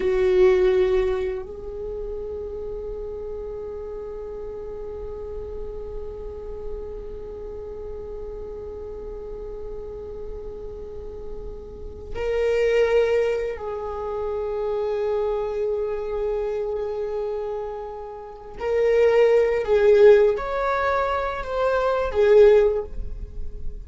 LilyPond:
\new Staff \with { instrumentName = "viola" } { \time 4/4 \tempo 4 = 84 fis'2 gis'2~ | gis'1~ | gis'1~ | gis'1~ |
gis'4 ais'2 gis'4~ | gis'1~ | gis'2 ais'4. gis'8~ | gis'8 cis''4. c''4 gis'4 | }